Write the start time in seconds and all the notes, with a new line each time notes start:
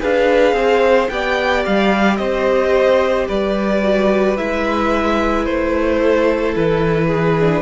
0.00 D4 G#4 B4 F5
0.52 C4 C5
1.09 B3 G4 D5 G5
1.65 G3 F5
2.16 C4 C5 D#5
3.27 G3 B4 D5
3.82 F#4
4.37 G#3 E4 E5
5.45 A3 C5
6.02 A4
6.56 E3 B4
7.07 G#4
7.40 D4